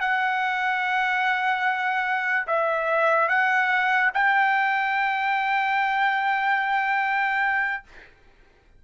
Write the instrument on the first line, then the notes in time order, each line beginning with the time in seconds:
trumpet
0.00 F#5
2.47 E5
3.29 F#5
4.14 G5